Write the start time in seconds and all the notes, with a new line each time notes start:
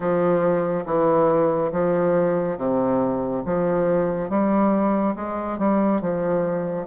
0.00 F3
0.85 E3
1.71 F3
2.57 C3
3.45 F3
4.29 G3
5.15 G#3
5.58 G3
6.01 F3